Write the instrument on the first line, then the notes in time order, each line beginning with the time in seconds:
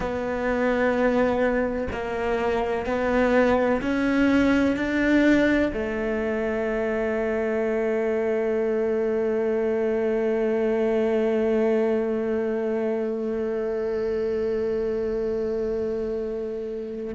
cello
0.00 B3
1.91 A#3
2.86 B3
3.81 C#4
4.76 D4
5.73 A3